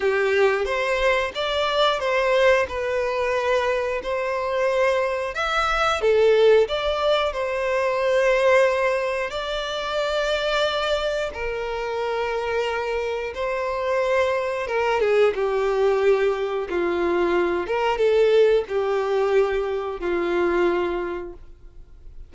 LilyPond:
\new Staff \with { instrumentName = "violin" } { \time 4/4 \tempo 4 = 90 g'4 c''4 d''4 c''4 | b'2 c''2 | e''4 a'4 d''4 c''4~ | c''2 d''2~ |
d''4 ais'2. | c''2 ais'8 gis'8 g'4~ | g'4 f'4. ais'8 a'4 | g'2 f'2 | }